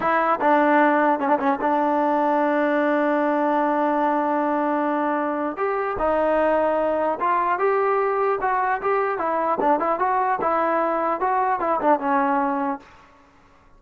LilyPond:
\new Staff \with { instrumentName = "trombone" } { \time 4/4 \tempo 4 = 150 e'4 d'2 cis'16 d'16 cis'8 | d'1~ | d'1~ | d'2 g'4 dis'4~ |
dis'2 f'4 g'4~ | g'4 fis'4 g'4 e'4 | d'8 e'8 fis'4 e'2 | fis'4 e'8 d'8 cis'2 | }